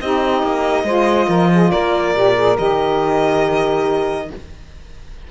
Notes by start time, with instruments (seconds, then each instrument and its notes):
0.00 cello C4, saxophone D#4 G4, violin D#5
0.42 cello A#3
0.83 cello G#3, saxophone F4 C5
1.28 cello F3, saxophone A#4
1.52 saxophone G#4
1.70 cello A#3, saxophone A#4, violin D5
2.14 cello A#2, saxophone G4
2.35 saxophone G#4
2.56 cello D#3, saxophone G4, violin D#5